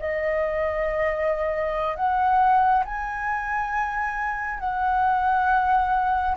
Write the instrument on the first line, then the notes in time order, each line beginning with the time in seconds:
flute
0.00 D#5
1.96 F#5
2.85 G#5
4.60 F#5